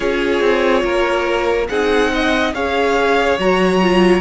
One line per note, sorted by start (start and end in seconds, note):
0.00 0.40 C#4
0.00 1.67 F4
0.00 0.83 G#4
0.00 1.67 C#5
0.40 0.82 C4
0.83 1.68 A#3
0.83 1.68 A#4
1.68 2.53 C4
1.68 2.54 D#4
1.68 2.12 G#4
1.68 2.53 F#5
2.13 2.54 D#5
2.53 3.38 C#4
2.53 3.38 G#4
2.53 4.21 C#5
2.53 3.38 F5
3.38 4.21 F#3
3.38 3.81 F#4
3.38 4.21 A#5
3.81 4.21 F4